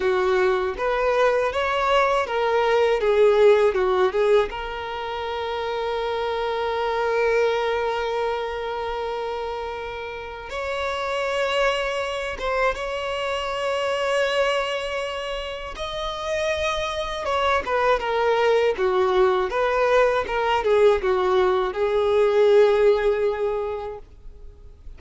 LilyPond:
\new Staff \with { instrumentName = "violin" } { \time 4/4 \tempo 4 = 80 fis'4 b'4 cis''4 ais'4 | gis'4 fis'8 gis'8 ais'2~ | ais'1~ | ais'2 cis''2~ |
cis''8 c''8 cis''2.~ | cis''4 dis''2 cis''8 b'8 | ais'4 fis'4 b'4 ais'8 gis'8 | fis'4 gis'2. | }